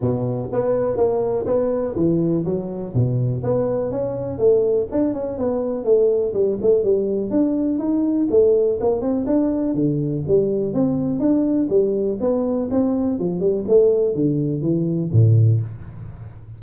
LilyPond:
\new Staff \with { instrumentName = "tuba" } { \time 4/4 \tempo 4 = 123 b,4 b4 ais4 b4 | e4 fis4 b,4 b4 | cis'4 a4 d'8 cis'8 b4 | a4 g8 a8 g4 d'4 |
dis'4 a4 ais8 c'8 d'4 | d4 g4 c'4 d'4 | g4 b4 c'4 f8 g8 | a4 d4 e4 a,4 | }